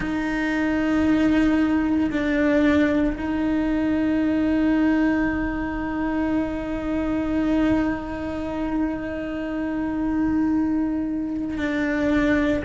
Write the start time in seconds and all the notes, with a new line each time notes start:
0.00 D#4
2.11 D4
3.17 D#4
11.57 D4